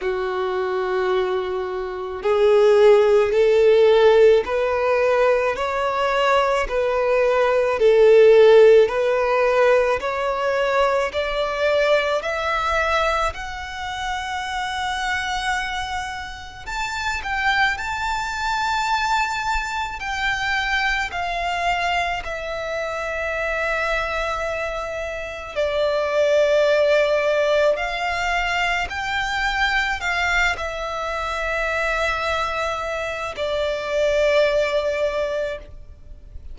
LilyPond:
\new Staff \with { instrumentName = "violin" } { \time 4/4 \tempo 4 = 54 fis'2 gis'4 a'4 | b'4 cis''4 b'4 a'4 | b'4 cis''4 d''4 e''4 | fis''2. a''8 g''8 |
a''2 g''4 f''4 | e''2. d''4~ | d''4 f''4 g''4 f''8 e''8~ | e''2 d''2 | }